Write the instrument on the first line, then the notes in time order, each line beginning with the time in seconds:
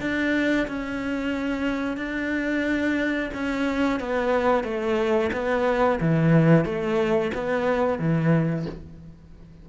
cello
0.00 D4
0.67 C#4
1.96 D4
3.34 C#4
4.00 B3
4.63 A3
5.32 B3
6.00 E3
6.65 A3
7.34 B3
7.99 E3